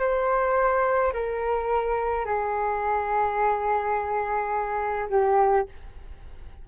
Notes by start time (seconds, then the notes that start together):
0.00 C5
1.14 A#4
2.26 G#4
5.10 G4